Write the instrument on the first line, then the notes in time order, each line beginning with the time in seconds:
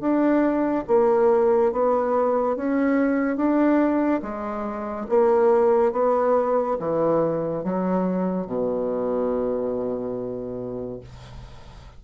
bassoon
0.00 D4
0.87 A#3
1.72 B3
2.56 C#4
3.36 D4
4.22 G#3
5.09 A#3
5.92 B3
6.79 E3
7.64 F#3
8.46 B2